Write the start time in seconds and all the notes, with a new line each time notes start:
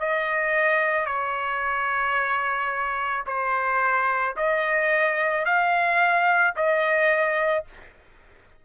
0.00 D#5
1.06 C#5
3.27 C5
4.37 D#5
5.45 F5
6.56 D#5